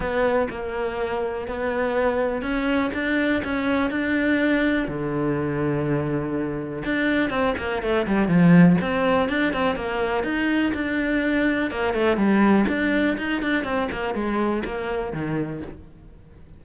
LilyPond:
\new Staff \with { instrumentName = "cello" } { \time 4/4 \tempo 4 = 123 b4 ais2 b4~ | b4 cis'4 d'4 cis'4 | d'2 d2~ | d2 d'4 c'8 ais8 |
a8 g8 f4 c'4 d'8 c'8 | ais4 dis'4 d'2 | ais8 a8 g4 d'4 dis'8 d'8 | c'8 ais8 gis4 ais4 dis4 | }